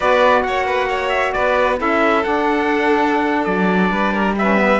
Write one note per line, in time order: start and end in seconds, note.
0.00 0.44 B3
0.00 1.77 F#4
0.00 0.43 B4
0.00 0.42 D5
0.42 1.34 A#3
0.42 0.66 C#5
0.42 1.09 F#5
0.66 0.88 B4
0.89 1.34 C#5
1.09 1.31 E5
1.32 1.80 B3
1.32 1.79 B4
1.32 1.77 D5
1.77 2.25 C#4
1.77 2.22 E4
1.77 3.91 A4
1.77 2.23 E5
2.23 4.35 D4
2.23 3.46 D4
2.23 3.44 F#5
3.44 3.91 F#3
3.44 4.34 D5
3.91 4.79 G3
3.91 4.13 B4
4.13 4.35 A#4
4.38 4.56 C#4
4.38 4.79 B4
4.38 4.79 E5
4.56 4.78 B3